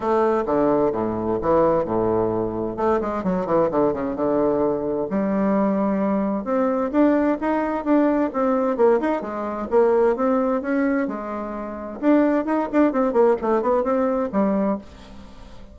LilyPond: \new Staff \with { instrumentName = "bassoon" } { \time 4/4 \tempo 4 = 130 a4 d4 a,4 e4 | a,2 a8 gis8 fis8 e8 | d8 cis8 d2 g4~ | g2 c'4 d'4 |
dis'4 d'4 c'4 ais8 dis'8 | gis4 ais4 c'4 cis'4 | gis2 d'4 dis'8 d'8 | c'8 ais8 a8 b8 c'4 g4 | }